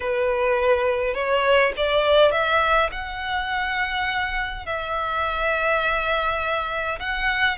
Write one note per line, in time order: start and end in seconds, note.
0.00 1.14 B4
1.14 1.72 C#5
1.76 2.31 D5
2.31 2.90 E5
2.91 4.66 F#5
4.66 6.99 E5
6.99 7.57 F#5